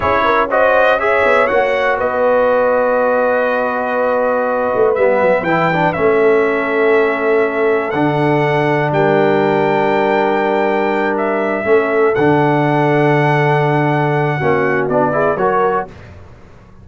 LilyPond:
<<
  \new Staff \with { instrumentName = "trumpet" } { \time 4/4 \tempo 4 = 121 cis''4 dis''4 e''4 fis''4 | dis''1~ | dis''2 e''4 g''4 | e''1 |
fis''2 g''2~ | g''2~ g''8 e''4.~ | e''8 fis''2.~ fis''8~ | fis''2 d''4 cis''4 | }
  \new Staff \with { instrumentName = "horn" } { \time 4/4 gis'8 ais'8 c''4 cis''2 | b'1~ | b'1~ | b'8 a'2.~ a'8~ |
a'2 ais'2~ | ais'2.~ ais'8 a'8~ | a'1~ | a'4 fis'4. gis'8 ais'4 | }
  \new Staff \with { instrumentName = "trombone" } { \time 4/4 e'4 fis'4 gis'4 fis'4~ | fis'1~ | fis'2 b4 e'8 d'8 | cis'1 |
d'1~ | d'2.~ d'8 cis'8~ | cis'8 d'2.~ d'8~ | d'4 cis'4 d'8 e'8 fis'4 | }
  \new Staff \with { instrumentName = "tuba" } { \time 4/4 cis'2~ cis'8 b8 ais4 | b1~ | b4. a8 g8 fis8 e4 | a1 |
d2 g2~ | g2.~ g8 a8~ | a8 d2.~ d8~ | d4 ais4 b4 fis4 | }
>>